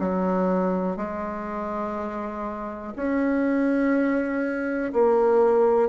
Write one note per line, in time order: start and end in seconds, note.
0.00 0.97 F#3
0.97 2.94 G#3
2.96 4.93 C#4
4.93 5.90 A#3